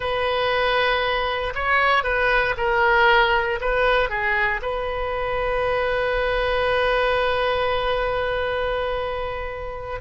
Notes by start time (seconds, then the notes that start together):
0.00 B4
1.55 C#5
2.03 B4
2.57 A#4
3.60 B4
4.09 G#4
4.62 B4